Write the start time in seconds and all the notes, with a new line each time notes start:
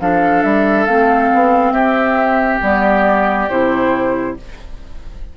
0.00 F3 D4 A4 F5
0.42 G3 E5
0.85 A3 C4 F5
1.33 B3
1.71 C4 G4 E5
2.61 G3 B3 D5
3.49 C3 E4 C5